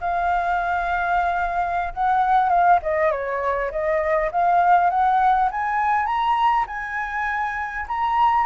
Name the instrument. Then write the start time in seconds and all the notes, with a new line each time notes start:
flute
0.00 F5
1.93 F#5
2.49 F5
2.82 D#5
3.11 C#5
3.71 D#5
4.32 F5
4.90 F#5
5.51 G#5
6.06 A#5
6.67 G#5
7.88 A#5